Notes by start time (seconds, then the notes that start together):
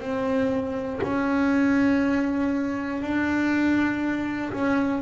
0.00 C4
1.03 C#4
3.02 D4
4.52 C#4